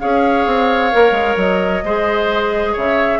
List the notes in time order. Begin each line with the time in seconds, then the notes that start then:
0.00 C#4 G#4 C#5 F5
0.46 C4
0.92 A#3 A#4
1.12 G#3
1.37 F#3 D#5
1.84 G#3 G#4 C5
2.73 C#3 C#5 E5